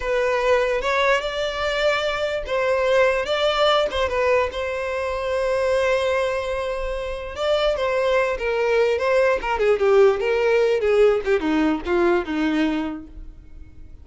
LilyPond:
\new Staff \with { instrumentName = "violin" } { \time 4/4 \tempo 4 = 147 b'2 cis''4 d''4~ | d''2 c''2 | d''4. c''8 b'4 c''4~ | c''1~ |
c''2 d''4 c''4~ | c''8 ais'4. c''4 ais'8 gis'8 | g'4 ais'4. gis'4 g'8 | dis'4 f'4 dis'2 | }